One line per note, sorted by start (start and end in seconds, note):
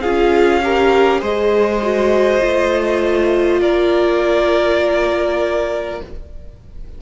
0.00 1.22 C#4
0.00 0.62 F4
0.00 0.60 G#4
0.00 1.20 F5
0.62 1.20 G4
0.62 1.20 A#4
1.20 2.42 G#3
1.20 1.79 G#4
1.20 3.60 C5
1.20 3.62 D#5
1.81 2.40 F#4
2.40 3.60 A3
2.40 6.00 F4
3.60 6.00 A#3
3.60 6.01 A#4
3.60 6.02 D5